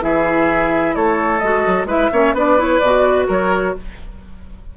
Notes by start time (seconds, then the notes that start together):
0.00 E3 E4 G#4 E5
0.95 A3 A4 C#5
1.39 G#3 F#4 D#5
1.66 F#3
1.85 G#3 E4 B4 E5
2.12 A#3 C#4 C#5
2.33 B3 D4 B4 D5
2.57 E4 C#5
2.78 B2 F#4 D5
3.27 F#3 A#4 C#5